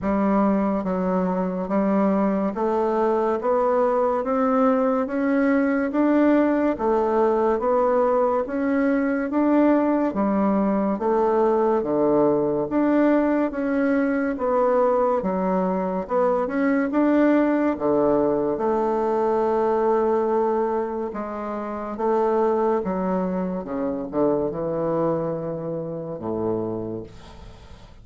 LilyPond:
\new Staff \with { instrumentName = "bassoon" } { \time 4/4 \tempo 4 = 71 g4 fis4 g4 a4 | b4 c'4 cis'4 d'4 | a4 b4 cis'4 d'4 | g4 a4 d4 d'4 |
cis'4 b4 fis4 b8 cis'8 | d'4 d4 a2~ | a4 gis4 a4 fis4 | cis8 d8 e2 a,4 | }